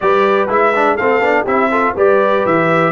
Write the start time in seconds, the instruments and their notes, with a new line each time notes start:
0.00 tuba G3, trombone G4, horn B4, trumpet D5
0.48 tuba G#3, trombone E4, trumpet E5
0.75 trombone D4
0.95 tuba A3, trombone C4, horn A4, trumpet F5
1.20 tuba B3, trombone D4
1.43 tuba C4, trombone E4, horn G4, trumpet E5
1.71 trombone F4, horn A4
1.94 tuba G3, trombone G4, horn B4, trumpet D5
2.45 tuba E3, trumpet E5